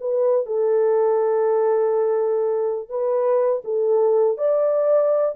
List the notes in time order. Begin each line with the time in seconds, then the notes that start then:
0.00 B4
0.46 A4
2.89 B4
3.64 A4
4.37 D5